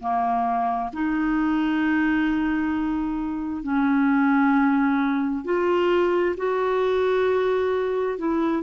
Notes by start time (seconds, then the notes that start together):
0.00 A#3
0.93 D#4
3.63 C#4
5.45 F4
6.37 F#4
8.19 E4